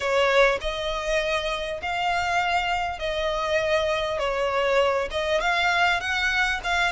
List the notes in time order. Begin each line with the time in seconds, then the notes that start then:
0.00 C#5
0.61 D#5
1.81 F5
2.99 D#5
4.18 C#5
5.11 D#5
5.40 F5
6.00 F#5
6.63 F5